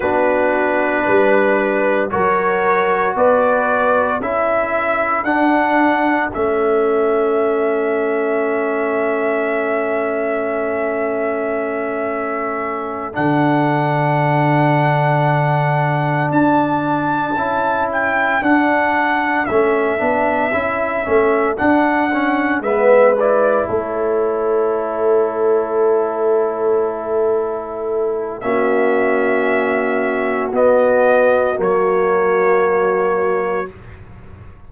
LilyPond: <<
  \new Staff \with { instrumentName = "trumpet" } { \time 4/4 \tempo 4 = 57 b'2 cis''4 d''4 | e''4 fis''4 e''2~ | e''1~ | e''8 fis''2. a''8~ |
a''4 g''8 fis''4 e''4.~ | e''8 fis''4 e''8 d''8 cis''4.~ | cis''2. e''4~ | e''4 dis''4 cis''2 | }
  \new Staff \with { instrumentName = "horn" } { \time 4/4 fis'4 b'4 ais'4 b'4 | a'1~ | a'1~ | a'1~ |
a'1~ | a'4. b'4 a'4.~ | a'2. fis'4~ | fis'1 | }
  \new Staff \with { instrumentName = "trombone" } { \time 4/4 d'2 fis'2 | e'4 d'4 cis'2~ | cis'1~ | cis'8 d'2.~ d'8~ |
d'8 e'4 d'4 cis'8 d'8 e'8 | cis'8 d'8 cis'8 b8 e'2~ | e'2. cis'4~ | cis'4 b4 ais2 | }
  \new Staff \with { instrumentName = "tuba" } { \time 4/4 b4 g4 fis4 b4 | cis'4 d'4 a2~ | a1~ | a8 d2. d'8~ |
d'8 cis'4 d'4 a8 b8 cis'8 | a8 d'4 gis4 a4.~ | a2. ais4~ | ais4 b4 fis2 | }
>>